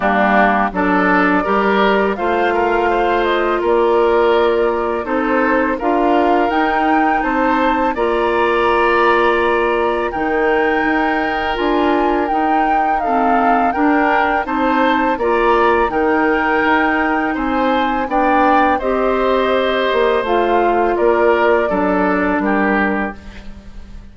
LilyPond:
<<
  \new Staff \with { instrumentName = "flute" } { \time 4/4 \tempo 4 = 83 g'4 d''2 f''4~ | f''8 dis''8 d''2 c''4 | f''4 g''4 a''4 ais''4~ | ais''2 g''2 |
gis''4 g''4 f''4 g''4 | a''4 ais''4 g''2 | gis''4 g''4 dis''2 | f''4 d''2 ais'4 | }
  \new Staff \with { instrumentName = "oboe" } { \time 4/4 d'4 a'4 ais'4 c''8 ais'8 | c''4 ais'2 a'4 | ais'2 c''4 d''4~ | d''2 ais'2~ |
ais'2 a'4 ais'4 | c''4 d''4 ais'2 | c''4 d''4 c''2~ | c''4 ais'4 a'4 g'4 | }
  \new Staff \with { instrumentName = "clarinet" } { \time 4/4 ais4 d'4 g'4 f'4~ | f'2. dis'4 | f'4 dis'2 f'4~ | f'2 dis'2 |
f'4 dis'4 c'4 d'4 | dis'4 f'4 dis'2~ | dis'4 d'4 g'2 | f'2 d'2 | }
  \new Staff \with { instrumentName = "bassoon" } { \time 4/4 g4 fis4 g4 a4~ | a4 ais2 c'4 | d'4 dis'4 c'4 ais4~ | ais2 dis4 dis'4 |
d'4 dis'2 d'4 | c'4 ais4 dis4 dis'4 | c'4 b4 c'4. ais8 | a4 ais4 fis4 g4 | }
>>